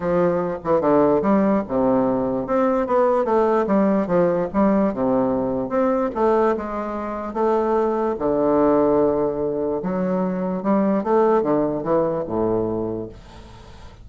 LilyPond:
\new Staff \with { instrumentName = "bassoon" } { \time 4/4 \tempo 4 = 147 f4. e8 d4 g4 | c2 c'4 b4 | a4 g4 f4 g4 | c2 c'4 a4 |
gis2 a2 | d1 | fis2 g4 a4 | d4 e4 a,2 | }